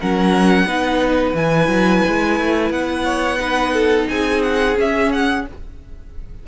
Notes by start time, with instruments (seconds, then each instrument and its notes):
0.00 cello F#3, viola C#4, violin A#4 F#5
0.65 cello B3, viola D#4, violin B4
1.34 cello E3, viola E4, violin G#5
1.68 cello F#3
2.08 cello G#3
2.40 cello A3
2.70 cello B3, violin F#5
3.05 violin C#5
3.39 viola D#4, violin B4
3.73 violin A4
4.09 cello C4, violin G#4 G#5
4.43 violin F#5
4.76 viola C#4, cello C#4, violin E5
5.12 violin F#5